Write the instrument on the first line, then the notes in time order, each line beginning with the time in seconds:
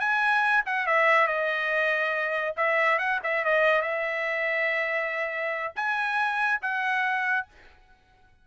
trumpet
0.00 G#5
0.66 F#5
0.86 E5
1.27 D#5
2.57 E5
2.98 F#5
3.23 E5
3.44 D#5
3.82 E5
5.76 G#5
6.62 F#5